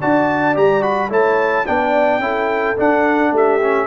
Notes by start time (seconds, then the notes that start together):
0.00 D4 F#4 D5 A5
0.55 G3 G4 A#5
0.81 F#4 B5
1.10 A3 E4 C#5 A5
1.66 B3 D4 D5 G5
2.19 C#4 E4 A4
2.77 D4 F#5
3.32 A3 G4 E5
3.61 C#4